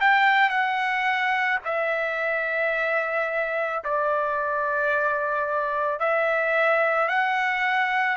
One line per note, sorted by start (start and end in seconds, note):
0.00 0.49 G5
0.49 1.58 F#5
1.65 3.83 E5
3.84 5.99 D5
5.99 7.08 E5
7.08 8.16 F#5